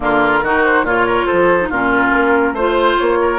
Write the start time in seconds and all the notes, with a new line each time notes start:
0.00 D3 A#3 F4 A#4
0.42 D#3 D#4 F#4
0.64 C5
0.83 A#2 F4 C#5
1.06 A#4
1.25 A4 C5
1.32 F3
1.60 D#4
1.69 A#2 C#4 F4 A#4
2.12 A#3
2.52 A3 F4 C5
2.98 A#3 C#5
3.21 A#4